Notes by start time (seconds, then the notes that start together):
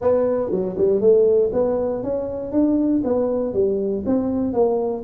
0.01 B3
0.50 F#3
0.77 G3
1.01 A3
1.52 B3
2.03 C#4
2.52 D4
3.04 B3
3.53 G3
4.05 C4
4.53 A#3